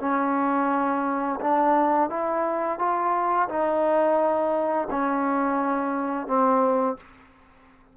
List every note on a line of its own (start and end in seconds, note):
0.00 1.40 C#4
1.40 2.10 D4
2.10 2.79 E4
2.79 3.49 F4
3.49 4.89 D#4
4.91 6.27 C#4
6.27 6.97 C4